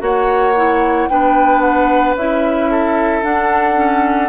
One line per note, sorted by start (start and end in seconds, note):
0.00 1.08 A#3
0.00 0.54 F#4
0.00 1.10 C#5
0.00 1.09 F#5
0.57 1.10 E4
1.09 2.15 B3
1.09 2.17 D4
1.09 2.71 B4
1.09 1.61 G5
1.61 2.15 F#5
2.15 3.23 C#4
2.15 3.23 E4
2.15 3.24 E5
2.71 4.29 A4
3.23 3.77 D4
3.23 4.29 D4
3.23 4.29 F#5
3.77 4.29 C#4